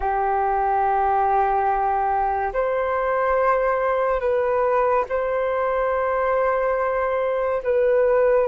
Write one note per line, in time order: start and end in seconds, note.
0.00 2.52 G4
2.53 4.20 C5
4.20 5.05 B4
5.09 7.62 C5
7.63 8.47 B4